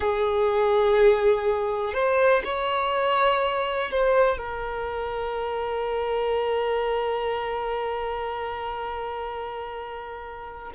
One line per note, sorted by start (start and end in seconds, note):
0.00 1.93 G#4
1.93 2.42 C5
2.44 3.90 C#5
3.90 4.37 C5
4.37 10.72 A#4